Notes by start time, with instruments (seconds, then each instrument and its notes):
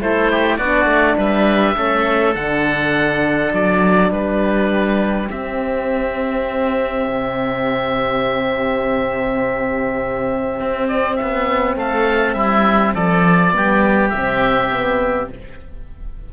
0.00 cello A3, horn E4, oboe A4 C5
0.31 oboe G4
0.56 cello B3, horn D4, oboe F#4 D5
0.85 cello A3
1.17 cello G3, oboe B4 E5
1.76 cello A3, horn C#4, oboe A4
2.35 cello D3, horn D4, oboe F#5
3.52 cello F#3, oboe D5
4.10 cello G3, oboe G4 B4
5.30 horn C4, cello C4, oboe E5
7.09 cello C3
10.60 cello C4
10.88 oboe D5
11.15 oboe E5
11.22 cello B3
11.76 cello A3, oboe A4 F5
12.33 cello G3, oboe E4 E5
12.94 cello F3, oboe A4 D5
13.52 cello G3, horn B3, oboe G4
14.10 cello C3, horn C4, oboe E5
14.71 horn B3